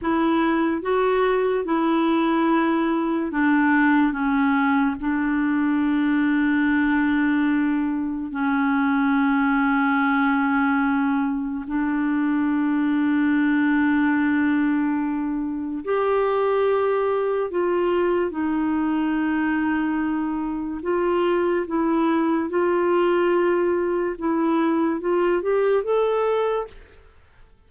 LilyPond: \new Staff \with { instrumentName = "clarinet" } { \time 4/4 \tempo 4 = 72 e'4 fis'4 e'2 | d'4 cis'4 d'2~ | d'2 cis'2~ | cis'2 d'2~ |
d'2. g'4~ | g'4 f'4 dis'2~ | dis'4 f'4 e'4 f'4~ | f'4 e'4 f'8 g'8 a'4 | }